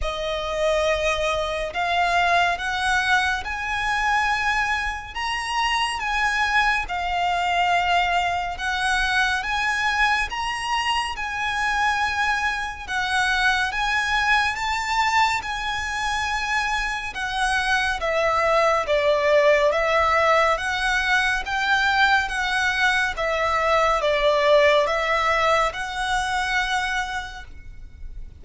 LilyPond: \new Staff \with { instrumentName = "violin" } { \time 4/4 \tempo 4 = 70 dis''2 f''4 fis''4 | gis''2 ais''4 gis''4 | f''2 fis''4 gis''4 | ais''4 gis''2 fis''4 |
gis''4 a''4 gis''2 | fis''4 e''4 d''4 e''4 | fis''4 g''4 fis''4 e''4 | d''4 e''4 fis''2 | }